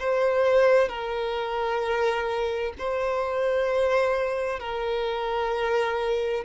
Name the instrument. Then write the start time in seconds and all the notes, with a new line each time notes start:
violin
0.00 C5
0.89 A#4
2.79 C5
4.60 A#4